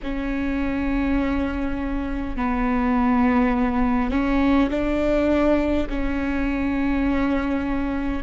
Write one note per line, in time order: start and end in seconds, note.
0.03 2.36 C#4
2.36 4.10 B3
4.10 4.69 C#4
4.70 5.87 D4
5.89 8.22 C#4